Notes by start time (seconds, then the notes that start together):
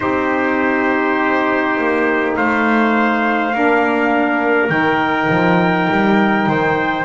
0.00 C4 D#4 G4 C5
1.77 A#3
2.36 A3 C5 F5
3.53 A#3 D4 A#4
4.68 D#3 D#4 G5
5.29 F3
5.89 G3
6.46 D#3 C5